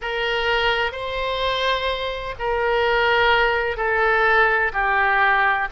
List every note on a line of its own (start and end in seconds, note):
0.01 0.92 A#4
0.92 2.35 C5
2.38 3.76 A#4
3.76 4.71 A4
4.72 5.68 G4